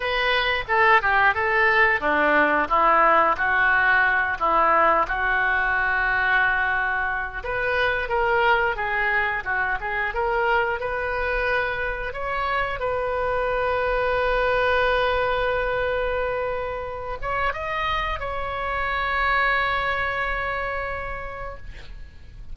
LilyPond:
\new Staff \with { instrumentName = "oboe" } { \time 4/4 \tempo 4 = 89 b'4 a'8 g'8 a'4 d'4 | e'4 fis'4. e'4 fis'8~ | fis'2. b'4 | ais'4 gis'4 fis'8 gis'8 ais'4 |
b'2 cis''4 b'4~ | b'1~ | b'4. cis''8 dis''4 cis''4~ | cis''1 | }